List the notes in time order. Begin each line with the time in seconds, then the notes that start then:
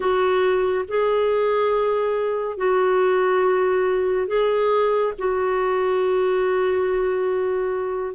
0.00 F#4
0.88 G#4
2.57 F#4
4.27 G#4
5.18 F#4